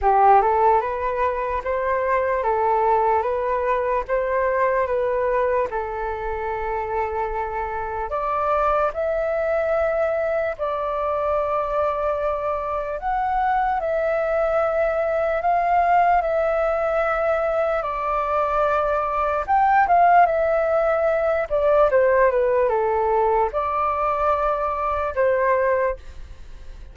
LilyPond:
\new Staff \with { instrumentName = "flute" } { \time 4/4 \tempo 4 = 74 g'8 a'8 b'4 c''4 a'4 | b'4 c''4 b'4 a'4~ | a'2 d''4 e''4~ | e''4 d''2. |
fis''4 e''2 f''4 | e''2 d''2 | g''8 f''8 e''4. d''8 c''8 b'8 | a'4 d''2 c''4 | }